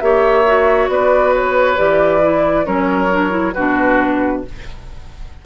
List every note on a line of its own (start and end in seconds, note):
0.00 0.88 A#3
0.00 0.45 G4
0.00 0.91 C#5
0.00 0.88 E5
0.47 1.77 F#4
0.88 1.76 B3
0.88 2.66 B4
0.88 1.33 D5
1.35 1.78 C#5
1.77 2.67 E3
1.77 2.21 G4
1.77 2.65 D5
2.22 2.65 E4
2.65 3.55 F#3
2.65 3.09 C#4
2.65 3.54 A#4
2.65 3.54 C#5
3.11 3.30 D4
3.30 3.52 E4
3.54 4.46 B2
3.54 4.46 D4
3.54 4.42 F#4
3.54 4.42 B4